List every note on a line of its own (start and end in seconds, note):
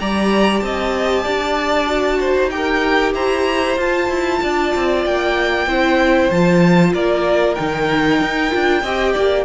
0.00 0.62 G3
0.00 1.87 G4
0.00 0.64 D5
0.00 0.60 A#5
0.60 1.26 C4
0.60 1.23 D#5
0.60 2.49 A5
1.23 2.36 D4
1.23 2.18 D5
1.87 2.50 F#4
2.20 2.52 C5
2.36 3.14 D#4
2.50 3.78 G4
2.50 3.14 A#4
2.50 3.13 G5
3.14 3.77 E4
3.14 4.40 C5
3.14 3.78 A#5
3.77 4.09 F4
3.77 5.68 F4
3.77 5.05 A5
4.09 4.40 E4
4.42 4.75 D4
4.42 5.69 D5
4.75 5.06 C4
5.05 5.67 A#3
5.05 6.30 G5
5.67 6.30 C4
5.67 6.31 E4
5.67 6.94 C5
6.30 6.93 F3
6.30 7.57 F4
6.30 6.93 A5
6.94 7.57 A#3
6.94 8.83 A#4
6.94 7.55 D5
7.55 8.21 D#3
7.55 8.51 D#4
7.55 9.45 G5
8.21 8.53 D#4
8.51 8.83 D4
8.51 8.82 F4
8.83 9.15 C4
8.83 9.45 G4
8.83 9.13 D#5
9.13 9.45 A#3
9.13 9.44 D5